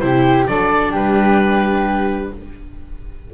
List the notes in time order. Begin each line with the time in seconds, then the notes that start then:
0.00 C3 E4 G4 C5
0.47 F#3 D4 A4 D5
0.92 G3 G4 B4